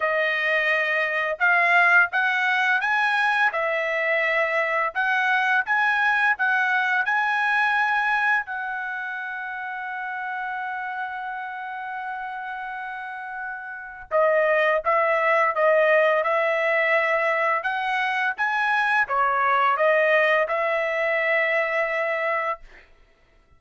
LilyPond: \new Staff \with { instrumentName = "trumpet" } { \time 4/4 \tempo 4 = 85 dis''2 f''4 fis''4 | gis''4 e''2 fis''4 | gis''4 fis''4 gis''2 | fis''1~ |
fis''1 | dis''4 e''4 dis''4 e''4~ | e''4 fis''4 gis''4 cis''4 | dis''4 e''2. | }